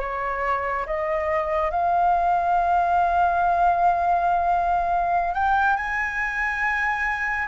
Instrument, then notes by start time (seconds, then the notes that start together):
flute
0.00 C#5
0.86 D#5
1.71 F5
5.35 G5
5.77 G#5